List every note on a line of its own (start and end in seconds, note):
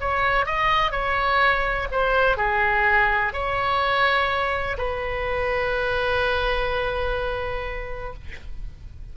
0.00 0.46 C#5
0.46 0.91 D#5
0.91 1.87 C#5
1.91 2.37 C5
2.37 3.33 G#4
3.33 4.77 C#5
4.77 8.13 B4